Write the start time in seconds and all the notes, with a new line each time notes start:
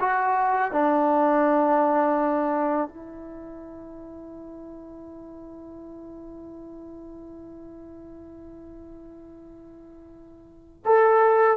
0.00 F#4
0.72 D4
2.88 E4
10.86 A4